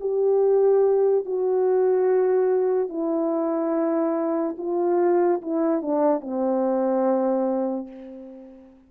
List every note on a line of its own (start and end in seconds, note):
0.00 1.25 G4
1.25 2.89 F#4
2.89 4.56 E4
4.58 5.41 F4
5.41 5.81 E4
5.81 6.20 D4
6.20 7.87 C4